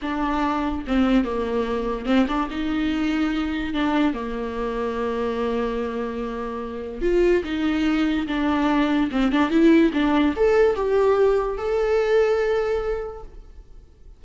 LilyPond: \new Staff \with { instrumentName = "viola" } { \time 4/4 \tempo 4 = 145 d'2 c'4 ais4~ | ais4 c'8 d'8 dis'2~ | dis'4 d'4 ais2~ | ais1~ |
ais4 f'4 dis'2 | d'2 c'8 d'8 e'4 | d'4 a'4 g'2 | a'1 | }